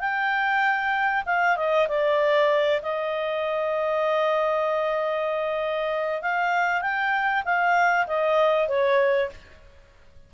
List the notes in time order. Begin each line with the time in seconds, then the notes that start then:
0.00 G5
1.26 F5
1.57 D#5
1.88 D5
2.82 D#5
6.22 F5
6.82 G5
7.45 F5
8.07 D#5
8.68 C#5